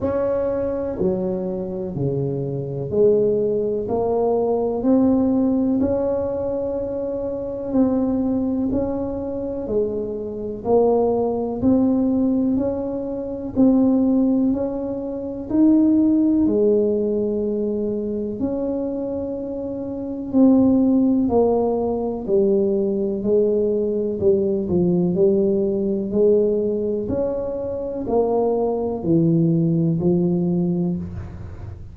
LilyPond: \new Staff \with { instrumentName = "tuba" } { \time 4/4 \tempo 4 = 62 cis'4 fis4 cis4 gis4 | ais4 c'4 cis'2 | c'4 cis'4 gis4 ais4 | c'4 cis'4 c'4 cis'4 |
dis'4 gis2 cis'4~ | cis'4 c'4 ais4 g4 | gis4 g8 f8 g4 gis4 | cis'4 ais4 e4 f4 | }